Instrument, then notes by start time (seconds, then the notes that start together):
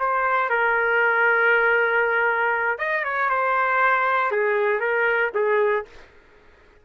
trumpet
0.00 C5
0.50 A#4
2.79 D#5
3.05 C#5
3.30 C5
4.32 G#4
4.80 A#4
5.35 G#4